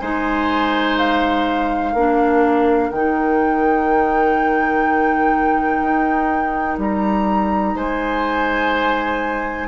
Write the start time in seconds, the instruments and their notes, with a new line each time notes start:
0.00 bassoon G#3, clarinet D#4, oboe C5, flute G#5
0.98 flute F5
1.93 bassoon A#3, clarinet D4, oboe A#4
2.91 bassoon D#3, clarinet D#4, flute G5
5.82 bassoon D#4
6.78 bassoon G3, flute A#5
7.75 bassoon G#3, oboe C5, flute G#5